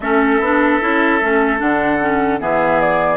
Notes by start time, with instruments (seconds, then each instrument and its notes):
0.00 bassoon A3, clarinet C#4, oboe A4, flute E5
0.40 bassoon B3, clarinet D4
0.81 bassoon C#4, clarinet E4
1.21 bassoon A3, clarinet C#4
1.58 bassoon D3, clarinet D4, flute F#5
2.00 clarinet C#4
2.39 bassoon E3, clarinet B3, oboe G#4, flute E5
2.80 flute D5